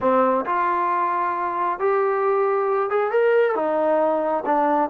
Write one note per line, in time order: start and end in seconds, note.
0.00 0.45 C4
0.45 1.79 F4
1.79 2.90 G4
2.90 3.11 G#4
3.11 3.55 A#4
3.55 4.44 D#4
4.45 4.90 D4